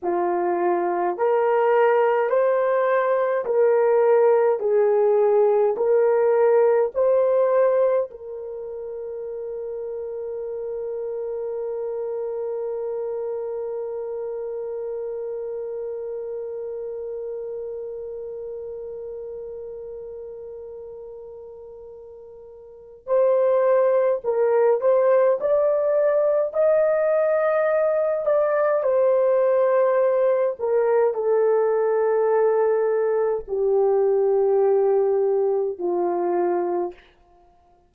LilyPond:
\new Staff \with { instrumentName = "horn" } { \time 4/4 \tempo 4 = 52 f'4 ais'4 c''4 ais'4 | gis'4 ais'4 c''4 ais'4~ | ais'1~ | ais'1~ |
ais'1 | c''4 ais'8 c''8 d''4 dis''4~ | dis''8 d''8 c''4. ais'8 a'4~ | a'4 g'2 f'4 | }